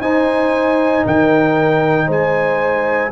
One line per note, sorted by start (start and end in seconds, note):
0.00 1.03 D#4
0.00 3.11 D#4
0.00 1.05 C5
0.00 1.05 G#5
1.05 2.07 D#3
1.05 2.06 A#4
1.05 2.10 G5
2.06 3.11 G#3
2.06 3.09 C5
2.06 3.11 G#5